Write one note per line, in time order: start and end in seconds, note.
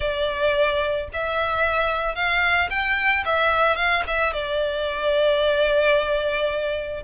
0.00 1.08 D5
1.13 2.15 E5
2.15 2.69 F5
2.70 3.24 G5
3.25 3.76 E5
3.76 4.03 F5
4.07 4.33 E5
4.33 7.03 D5